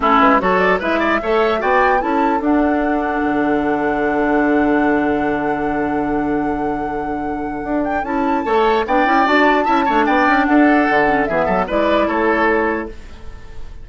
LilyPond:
<<
  \new Staff \with { instrumentName = "flute" } { \time 4/4 \tempo 4 = 149 a'8 b'8 cis''8 d''8 e''2 | g''4 a''4 fis''2~ | fis''1~ | fis''1~ |
fis''2.~ fis''8 g''8 | a''2 g''4 a''4~ | a''4 g''4 fis''2 | e''4 d''4 cis''2 | }
  \new Staff \with { instrumentName = "oboe" } { \time 4/4 e'4 a'4 b'8 d''8 cis''4 | d''4 a'2.~ | a'1~ | a'1~ |
a'1~ | a'4 cis''4 d''2 | e''8 cis''8 d''4 a'2 | gis'8 a'8 b'4 a'2 | }
  \new Staff \with { instrumentName = "clarinet" } { \time 4/4 cis'4 fis'4 e'4 a'4 | fis'4 e'4 d'2~ | d'1~ | d'1~ |
d'1 | e'4 a'4 d'8 e'8 fis'4 | e'8 d'2. cis'8 | b4 e'2. | }
  \new Staff \with { instrumentName = "bassoon" } { \time 4/4 a8 gis8 fis4 gis4 a4 | b4 cis'4 d'2 | d1~ | d1~ |
d2. d'4 | cis'4 a4 b8 cis'8 d'4 | cis'8 a8 b8 cis'8 d'4 d4 | e8 fis8 gis4 a2 | }
>>